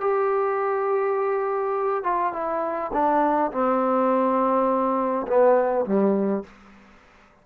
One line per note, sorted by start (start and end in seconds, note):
0.00 2.03 G4
2.03 2.32 F4
2.32 2.91 E4
2.93 3.51 D4
3.51 5.26 C4
5.27 5.85 B3
5.85 6.43 G3